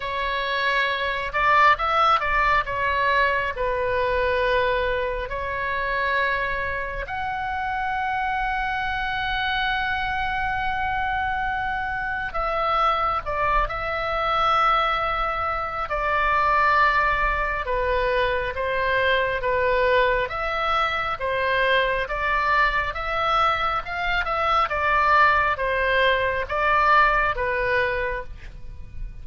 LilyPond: \new Staff \with { instrumentName = "oboe" } { \time 4/4 \tempo 4 = 68 cis''4. d''8 e''8 d''8 cis''4 | b'2 cis''2 | fis''1~ | fis''2 e''4 d''8 e''8~ |
e''2 d''2 | b'4 c''4 b'4 e''4 | c''4 d''4 e''4 f''8 e''8 | d''4 c''4 d''4 b'4 | }